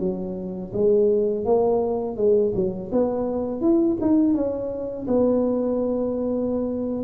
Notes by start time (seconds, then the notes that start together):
0.00 F#3
0.73 G#3
1.46 A#3
2.17 G#3
2.55 F#3
2.92 B3
3.61 E4
4.01 D#4
4.35 C#4
5.08 B3